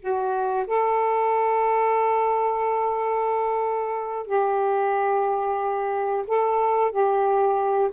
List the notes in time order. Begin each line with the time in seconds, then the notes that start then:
0.00 F#4
0.67 A4
4.26 G4
6.27 A4
6.91 G4